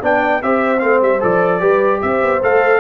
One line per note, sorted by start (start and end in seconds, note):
0.00 0.43 B3
0.00 0.42 D4
0.00 0.40 D5
0.00 0.43 G5
0.43 0.82 C4
0.43 0.79 G4
0.43 1.60 C5
0.43 0.80 E5
0.79 1.02 A3
0.79 1.19 C4
0.79 1.00 F5
1.02 1.22 G3
1.02 1.23 E5
1.21 1.62 F3
1.21 1.61 A4
1.21 2.02 D5
1.60 2.02 G3
1.60 2.41 G4
1.60 2.00 B4
2.02 2.22 C4
2.02 2.80 C5
2.02 2.42 E5
2.22 2.42 B3
2.43 2.80 A3
2.43 2.80 A4
2.43 2.80 F5